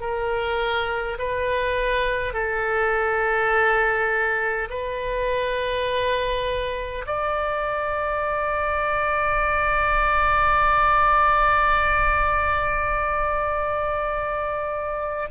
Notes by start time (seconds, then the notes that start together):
0.00 A#4
1.18 B4
2.33 A4
4.70 B4
7.06 D5